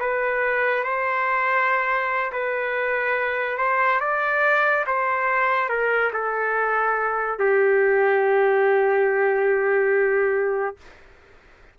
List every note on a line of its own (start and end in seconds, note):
0.00 0.84 B4
0.84 2.32 C5
2.32 3.58 B4
3.58 4.00 C5
4.01 4.85 D5
4.87 5.69 C5
5.69 6.12 A#4
6.13 7.39 A4
7.39 10.77 G4